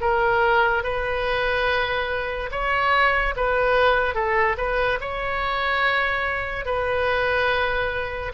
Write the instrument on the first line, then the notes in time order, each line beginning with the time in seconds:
oboe
0.00 A#4
0.83 B4
2.51 C#5
3.36 B4
4.14 A4
4.57 B4
5.00 C#5
6.65 B4